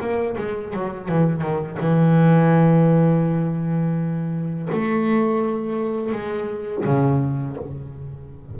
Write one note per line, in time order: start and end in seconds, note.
0.00 0.36 A#3
0.37 0.73 G#3
0.73 1.08 F#3
1.08 1.41 E3
1.41 1.77 D#3
1.80 4.69 E3
4.72 6.12 A3
6.12 6.84 G#3
6.84 7.57 C#3